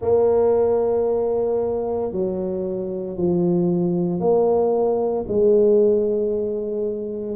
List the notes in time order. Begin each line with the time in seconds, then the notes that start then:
0.01 A#3
2.11 F#3
3.17 F3
4.20 A#3
5.27 G#3